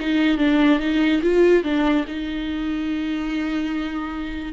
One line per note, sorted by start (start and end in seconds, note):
0.00 0.38 D#4
0.38 0.80 D4
0.80 1.22 D#4
1.22 1.64 F4
1.64 2.05 D4
2.08 4.53 D#4